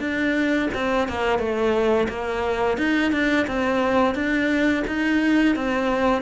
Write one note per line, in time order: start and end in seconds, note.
0.00 0.69 D4
0.74 1.08 C4
1.08 1.39 A#3
1.39 2.08 A3
2.09 2.78 A#3
2.78 3.12 D#4
3.12 3.47 D4
3.47 4.15 C4
4.15 4.84 D4
4.87 5.56 D#4
5.56 6.22 C4